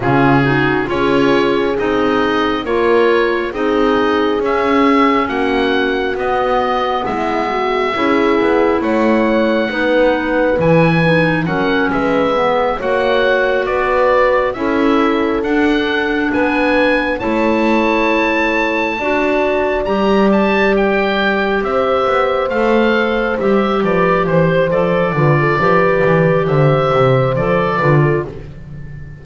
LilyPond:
<<
  \new Staff \with { instrumentName = "oboe" } { \time 4/4 \tempo 4 = 68 gis'4 cis''4 dis''4 cis''4 | dis''4 e''4 fis''4 dis''4 | e''2 fis''2 | gis''4 fis''8 e''4 fis''4 d''8~ |
d''8 e''4 fis''4 gis''4 a''8~ | a''2~ a''8 ais''8 a''8 g''8~ | g''8 e''4 f''4 e''8 d''8 c''8 | d''2 e''4 d''4 | }
  \new Staff \with { instrumentName = "horn" } { \time 4/4 f'8 fis'8 gis'2 ais'4 | gis'2 fis'2 | e'8 fis'8 gis'4 cis''4 b'4~ | b'4 ais'8 b'4 cis''4 b'8~ |
b'8 a'2 b'4 cis''8~ | cis''4. d''2~ d''8~ | d''8 c''2~ c''8 b'8 c''8~ | c''8 b'16 a'16 b'4 c''4. b'16 a'16 | }
  \new Staff \with { instrumentName = "clarinet" } { \time 4/4 cis'8 dis'8 f'4 dis'4 f'4 | dis'4 cis'2 b4~ | b4 e'2 dis'4 | e'8 dis'8 cis'4 b8 fis'4.~ |
fis'8 e'4 d'2 e'8~ | e'4. fis'4 g'4.~ | g'4. a'4 g'4. | a'8 f'8 g'2 a'8 f'8 | }
  \new Staff \with { instrumentName = "double bass" } { \time 4/4 cis4 cis'4 c'4 ais4 | c'4 cis'4 ais4 b4 | gis4 cis'8 b8 a4 b4 | e4 fis8 gis4 ais4 b8~ |
b8 cis'4 d'4 b4 a8~ | a4. d'4 g4.~ | g8 c'8 b8 a4 g8 f8 e8 | f8 d8 f8 e8 d8 c8 f8 d8 | }
>>